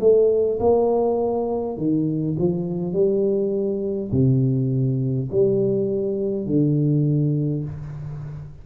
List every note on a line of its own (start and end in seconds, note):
0.00 0.59 A3
0.59 1.76 A#3
1.77 2.36 D#3
2.38 2.93 F3
2.93 4.10 G3
4.11 5.29 C3
5.30 6.46 G3
6.46 7.64 D3